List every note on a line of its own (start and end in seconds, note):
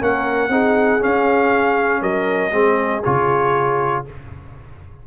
0.00 0.49 A#3
0.00 0.50 C#4
0.00 0.52 A#4
0.00 1.03 F#5
0.49 0.99 C4
0.49 1.00 D#4
0.49 2.02 G#4
1.00 2.52 C#4
1.00 2.02 C#4
1.00 2.03 F5
2.02 2.52 F#3
2.02 2.53 A#4
2.02 3.04 D#5
2.52 3.03 G#3
2.52 3.03 C4
2.52 4.06 G#4
3.04 4.07 C#3
3.04 4.06 F4
3.04 4.05 C#5